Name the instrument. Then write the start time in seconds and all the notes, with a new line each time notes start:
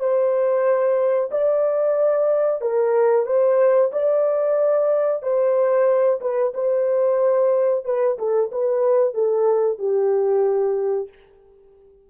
horn
0.00 C5
1.32 D5
2.62 A#4
3.26 C5
3.92 D5
5.23 C5
6.21 B4
6.55 C5
7.86 B4
8.19 A4
8.52 B4
9.14 A4
9.79 G4